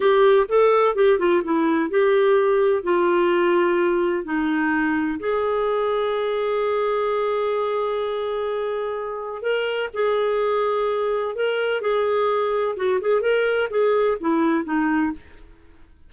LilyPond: \new Staff \with { instrumentName = "clarinet" } { \time 4/4 \tempo 4 = 127 g'4 a'4 g'8 f'8 e'4 | g'2 f'2~ | f'4 dis'2 gis'4~ | gis'1~ |
gis'1 | ais'4 gis'2. | ais'4 gis'2 fis'8 gis'8 | ais'4 gis'4 e'4 dis'4 | }